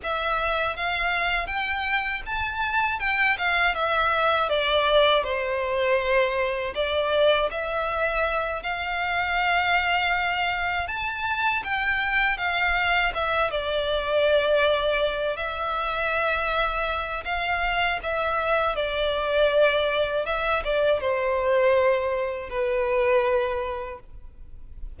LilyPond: \new Staff \with { instrumentName = "violin" } { \time 4/4 \tempo 4 = 80 e''4 f''4 g''4 a''4 | g''8 f''8 e''4 d''4 c''4~ | c''4 d''4 e''4. f''8~ | f''2~ f''8 a''4 g''8~ |
g''8 f''4 e''8 d''2~ | d''8 e''2~ e''8 f''4 | e''4 d''2 e''8 d''8 | c''2 b'2 | }